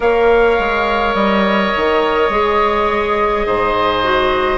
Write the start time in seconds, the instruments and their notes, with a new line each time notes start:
0.00 bassoon A#3, clarinet A#4, oboe C#5, flute F5
0.59 bassoon G#3
1.14 bassoon G3, flute D#5
1.76 bassoon D#3
2.29 bassoon G#3, clarinet G#4
3.46 bassoon G#2, oboe C5
4.04 clarinet F#4